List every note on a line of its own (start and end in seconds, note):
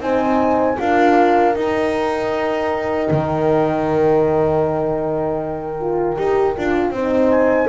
0.00 0.77 C4
0.00 0.77 D#4
0.00 0.79 C5
0.00 0.78 G#5
0.78 1.55 D4
0.78 1.55 F4
0.78 6.93 A#4
0.78 1.54 F5
1.54 5.78 D#4
1.54 3.09 D#4
1.54 7.29 G5
3.11 6.17 D#3
5.80 6.16 F4
6.16 6.56 D#4
6.16 6.54 G4
6.56 6.90 D4
6.56 6.94 F4
6.90 7.67 C4
6.90 7.68 D#4
6.90 7.68 C5
7.29 7.68 G#5